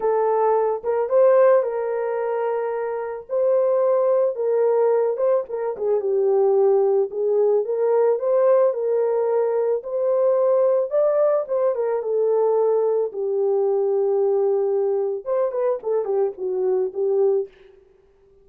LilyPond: \new Staff \with { instrumentName = "horn" } { \time 4/4 \tempo 4 = 110 a'4. ais'8 c''4 ais'4~ | ais'2 c''2 | ais'4. c''8 ais'8 gis'8 g'4~ | g'4 gis'4 ais'4 c''4 |
ais'2 c''2 | d''4 c''8 ais'8 a'2 | g'1 | c''8 b'8 a'8 g'8 fis'4 g'4 | }